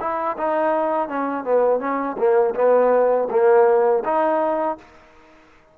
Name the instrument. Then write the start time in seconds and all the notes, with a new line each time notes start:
trombone
0.00 E4
0.37 D#4
1.08 C#4
1.44 B3
1.80 C#4
2.18 A#3
2.55 B3
3.30 A#3
4.04 D#4